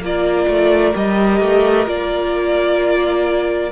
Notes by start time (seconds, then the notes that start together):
0.00 A#3 F4 A#4 D5
0.48 A3
0.94 G3 G4 D#5
1.41 A3
1.86 A#3 F4 D5